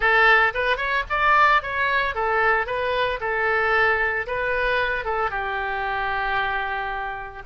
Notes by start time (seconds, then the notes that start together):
0.00 A4
0.54 B4
0.77 C#5
1.09 D5
1.62 C#5
2.15 A4
2.66 B4
3.20 A4
4.26 B4
5.04 A4
5.30 G4